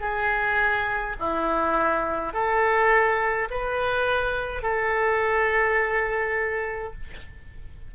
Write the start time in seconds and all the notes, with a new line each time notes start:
0.00 G#4
1.19 E4
2.33 A4
3.50 B4
4.62 A4